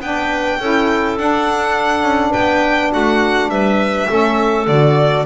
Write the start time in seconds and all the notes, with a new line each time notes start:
0.00 B3 D4 B4 G5
0.59 C#4 E4 A4
1.17 D4 F#5
2.03 C#4
2.31 B3 B4 G5
2.92 A3 F#4 F#5
3.49 G3 B4 E5
4.07 A3 C#4 A4
4.67 D3 F#4 D5